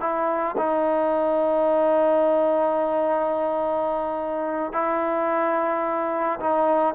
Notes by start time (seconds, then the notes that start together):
0.00 E4
0.57 D#4
4.72 E4
6.40 D#4